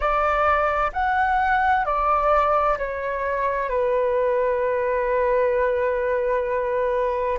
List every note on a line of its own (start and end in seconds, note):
0.00 0.91 D5
0.92 1.85 F#5
1.85 2.77 D5
2.77 3.69 C#5
3.69 7.38 B4